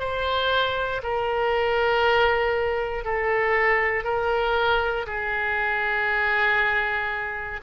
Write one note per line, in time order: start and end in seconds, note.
0.00 1.02 C5
1.03 3.05 A#4
3.05 4.04 A4
4.04 5.06 A#4
5.07 7.61 G#4